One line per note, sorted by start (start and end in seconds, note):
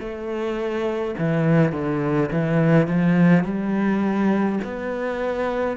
0.00 1.15 A3
1.19 1.73 E3
1.73 2.30 D3
2.32 2.88 E3
2.88 3.45 F3
3.45 4.60 G3
4.65 5.77 B3